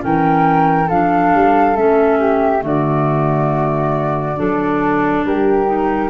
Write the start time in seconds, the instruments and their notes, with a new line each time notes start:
0.00 tuba E3, clarinet C#4, flute A#4 G5
0.88 tuba F3, clarinet D4, flute A4 F5
1.35 tuba G3
1.76 tuba A3, clarinet C#4, flute E5
2.19 flute G4
2.60 tuba D3, clarinet A3, flute F#4
2.66 flute D5
4.37 tuba F#3, clarinet D4, flute A4
5.26 tuba G3, flute G4 A#4
5.66 clarinet D#4